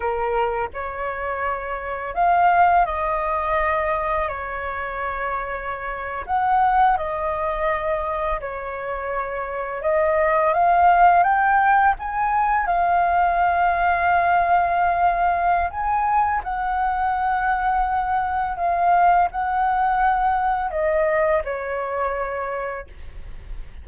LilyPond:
\new Staff \with { instrumentName = "flute" } { \time 4/4 \tempo 4 = 84 ais'4 cis''2 f''4 | dis''2 cis''2~ | cis''8. fis''4 dis''2 cis''16~ | cis''4.~ cis''16 dis''4 f''4 g''16~ |
g''8. gis''4 f''2~ f''16~ | f''2 gis''4 fis''4~ | fis''2 f''4 fis''4~ | fis''4 dis''4 cis''2 | }